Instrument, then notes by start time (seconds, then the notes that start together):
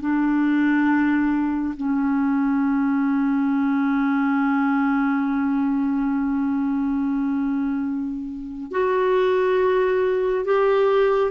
clarinet
0.00 D4
1.76 C#4
8.71 F#4
10.44 G4